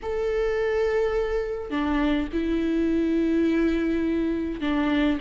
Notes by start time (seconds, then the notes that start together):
0.02 A4
1.70 D4
2.32 E4
4.60 D4